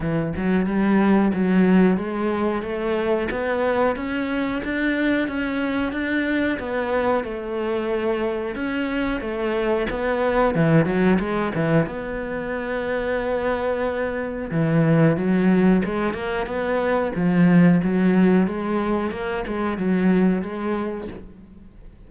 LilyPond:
\new Staff \with { instrumentName = "cello" } { \time 4/4 \tempo 4 = 91 e8 fis8 g4 fis4 gis4 | a4 b4 cis'4 d'4 | cis'4 d'4 b4 a4~ | a4 cis'4 a4 b4 |
e8 fis8 gis8 e8 b2~ | b2 e4 fis4 | gis8 ais8 b4 f4 fis4 | gis4 ais8 gis8 fis4 gis4 | }